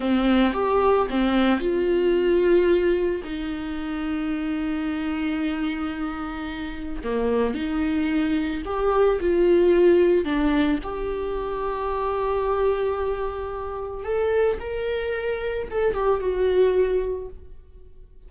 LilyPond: \new Staff \with { instrumentName = "viola" } { \time 4/4 \tempo 4 = 111 c'4 g'4 c'4 f'4~ | f'2 dis'2~ | dis'1~ | dis'4 ais4 dis'2 |
g'4 f'2 d'4 | g'1~ | g'2 a'4 ais'4~ | ais'4 a'8 g'8 fis'2 | }